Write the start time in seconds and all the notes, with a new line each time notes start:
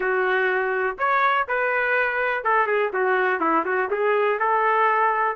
0.00 F#4
0.98 C#5
1.47 B4
2.44 A4
2.66 G#4
2.93 F#4
3.40 E4
3.65 F#4
3.90 G#4
4.39 A4